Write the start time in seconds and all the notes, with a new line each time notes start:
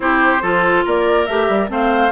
0.00 C4 E4 G4 C5
0.42 F3 F4 A4
0.85 A#3 A#4 D5
1.26 A3 G4 E5
1.48 G3
1.68 A3 C4 C5 F5